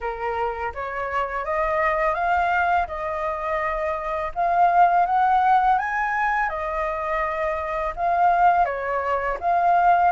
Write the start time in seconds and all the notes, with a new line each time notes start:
0.00 A#4
0.74 C#5
1.45 D#5
2.14 F5
2.87 D#5
4.34 F5
5.06 F#5
5.78 G#5
6.49 D#5
7.96 F5
8.65 C#5
9.39 F5